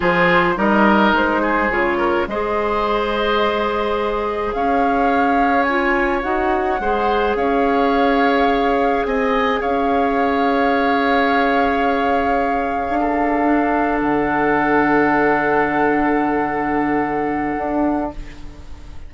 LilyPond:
<<
  \new Staff \with { instrumentName = "flute" } { \time 4/4 \tempo 4 = 106 c''4 dis''4 c''4 cis''4 | dis''1 | f''2 gis''4 fis''4~ | fis''4 f''2. |
gis''4 f''2.~ | f''1~ | f''8. fis''2.~ fis''16~ | fis''1 | }
  \new Staff \with { instrumentName = "oboe" } { \time 4/4 gis'4 ais'4. gis'4 ais'8 | c''1 | cis''1 | c''4 cis''2. |
dis''4 cis''2.~ | cis''2. a'4~ | a'1~ | a'1 | }
  \new Staff \with { instrumentName = "clarinet" } { \time 4/4 f'4 dis'2 f'4 | gis'1~ | gis'2 f'4 fis'4 | gis'1~ |
gis'1~ | gis'2.~ gis'8. d'16~ | d'1~ | d'1 | }
  \new Staff \with { instrumentName = "bassoon" } { \time 4/4 f4 g4 gis4 cis4 | gis1 | cis'2. dis'4 | gis4 cis'2. |
c'4 cis'2.~ | cis'2~ cis'8. d'4~ d'16~ | d'8. d2.~ d16~ | d2. d'4 | }
>>